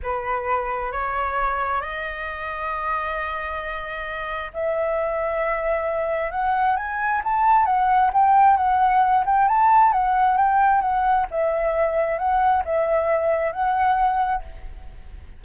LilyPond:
\new Staff \with { instrumentName = "flute" } { \time 4/4 \tempo 4 = 133 b'2 cis''2 | dis''1~ | dis''2 e''2~ | e''2 fis''4 gis''4 |
a''4 fis''4 g''4 fis''4~ | fis''8 g''8 a''4 fis''4 g''4 | fis''4 e''2 fis''4 | e''2 fis''2 | }